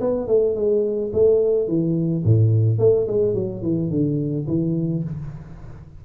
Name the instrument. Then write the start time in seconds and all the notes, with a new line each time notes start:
tuba
0.00 B3
0.27 A3
0.55 G#3
1.13 A3
1.67 E3
2.24 A2
2.79 A3
3.07 G#3
3.34 F#3
3.62 E3
3.90 D3
4.47 E3